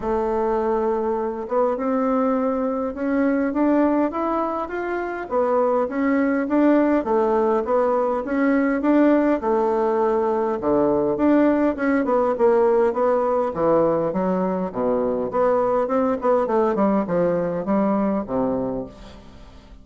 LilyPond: \new Staff \with { instrumentName = "bassoon" } { \time 4/4 \tempo 4 = 102 a2~ a8 b8 c'4~ | c'4 cis'4 d'4 e'4 | f'4 b4 cis'4 d'4 | a4 b4 cis'4 d'4 |
a2 d4 d'4 | cis'8 b8 ais4 b4 e4 | fis4 b,4 b4 c'8 b8 | a8 g8 f4 g4 c4 | }